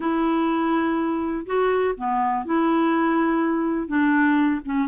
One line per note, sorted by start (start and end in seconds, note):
0.00 1.45 E4
1.46 1.94 F#4
1.97 2.45 B3
2.45 3.87 E4
3.87 4.60 D4
4.65 4.88 C#4